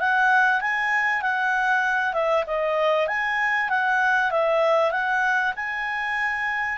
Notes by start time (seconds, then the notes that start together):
0.00 F#5
0.61 G#5
1.22 F#5
2.14 E5
2.47 D#5
3.08 G#5
3.69 F#5
4.31 E5
4.92 F#5
5.56 G#5